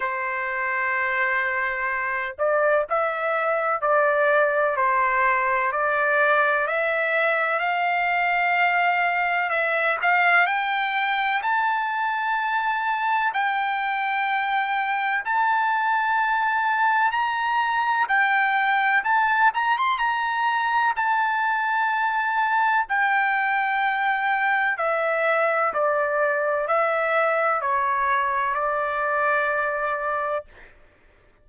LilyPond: \new Staff \with { instrumentName = "trumpet" } { \time 4/4 \tempo 4 = 63 c''2~ c''8 d''8 e''4 | d''4 c''4 d''4 e''4 | f''2 e''8 f''8 g''4 | a''2 g''2 |
a''2 ais''4 g''4 | a''8 ais''16 c'''16 ais''4 a''2 | g''2 e''4 d''4 | e''4 cis''4 d''2 | }